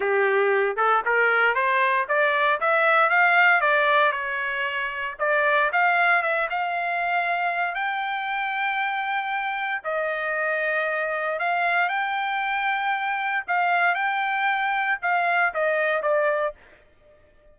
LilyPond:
\new Staff \with { instrumentName = "trumpet" } { \time 4/4 \tempo 4 = 116 g'4. a'8 ais'4 c''4 | d''4 e''4 f''4 d''4 | cis''2 d''4 f''4 | e''8 f''2~ f''8 g''4~ |
g''2. dis''4~ | dis''2 f''4 g''4~ | g''2 f''4 g''4~ | g''4 f''4 dis''4 d''4 | }